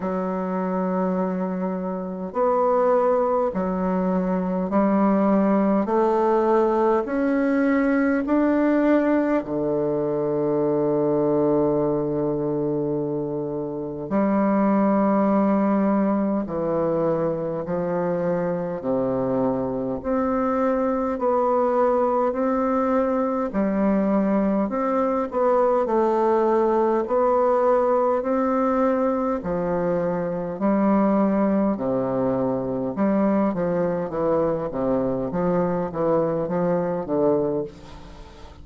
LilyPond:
\new Staff \with { instrumentName = "bassoon" } { \time 4/4 \tempo 4 = 51 fis2 b4 fis4 | g4 a4 cis'4 d'4 | d1 | g2 e4 f4 |
c4 c'4 b4 c'4 | g4 c'8 b8 a4 b4 | c'4 f4 g4 c4 | g8 f8 e8 c8 f8 e8 f8 d8 | }